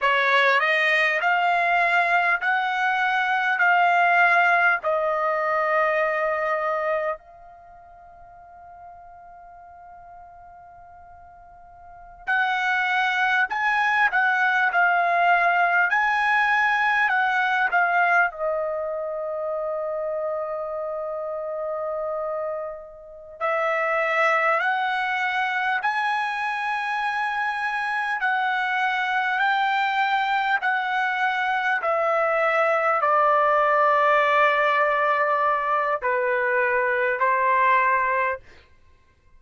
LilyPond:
\new Staff \with { instrumentName = "trumpet" } { \time 4/4 \tempo 4 = 50 cis''8 dis''8 f''4 fis''4 f''4 | dis''2 f''2~ | f''2~ f''16 fis''4 gis''8 fis''16~ | fis''16 f''4 gis''4 fis''8 f''8 dis''8.~ |
dis''2.~ dis''8 e''8~ | e''8 fis''4 gis''2 fis''8~ | fis''8 g''4 fis''4 e''4 d''8~ | d''2 b'4 c''4 | }